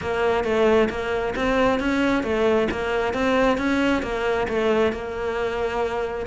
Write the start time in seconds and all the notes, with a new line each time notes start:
0.01 A#3
0.44 A3
0.89 A#3
1.35 C4
1.79 C#4
2.23 A3
2.71 A#3
3.13 C4
3.57 C#4
4.02 A#3
4.48 A3
4.92 A#3